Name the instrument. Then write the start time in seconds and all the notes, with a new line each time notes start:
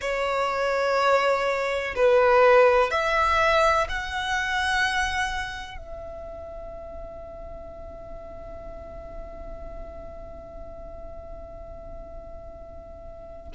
violin
0.01 C#5
1.95 B4
2.90 E5
3.88 F#5
5.77 E5